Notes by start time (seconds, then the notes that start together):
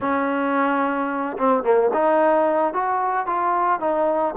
0.00 C#4
1.37 C4
1.63 A#3
1.93 D#4
2.73 F#4
3.26 F4
3.80 D#4